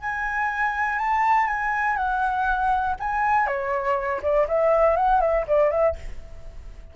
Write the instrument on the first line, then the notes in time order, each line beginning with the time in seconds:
flute
0.00 G#5
0.99 A5
1.47 G#5
1.97 F#5
3.00 G#5
3.47 C#5
4.23 D5
4.48 E5
4.96 F#5
5.21 E5
5.47 D5
5.71 E5